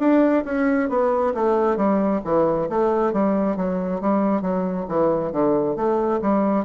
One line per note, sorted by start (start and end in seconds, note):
0.00 0.44 D4
0.45 0.89 C#4
0.90 1.34 B3
1.35 1.77 A3
1.77 2.21 G3
2.25 2.69 E3
2.70 3.13 A3
3.13 3.57 G3
3.57 4.01 F#3
4.01 4.42 G3
4.42 4.86 F#3
4.89 5.32 E3
5.32 5.76 D3
5.76 6.20 A3
6.22 6.65 G3